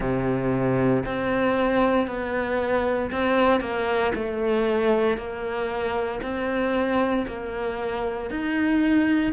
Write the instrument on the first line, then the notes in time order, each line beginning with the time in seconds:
cello
0.00 C3
1.05 C4
2.07 B3
3.11 C4
3.60 A#3
4.14 A3
5.17 A#3
6.22 C4
7.27 A#3
8.30 D#4